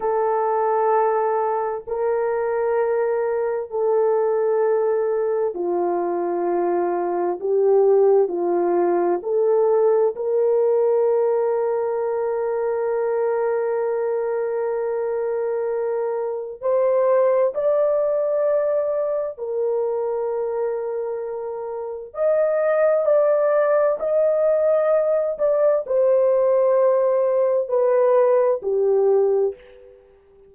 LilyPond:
\new Staff \with { instrumentName = "horn" } { \time 4/4 \tempo 4 = 65 a'2 ais'2 | a'2 f'2 | g'4 f'4 a'4 ais'4~ | ais'1~ |
ais'2 c''4 d''4~ | d''4 ais'2. | dis''4 d''4 dis''4. d''8 | c''2 b'4 g'4 | }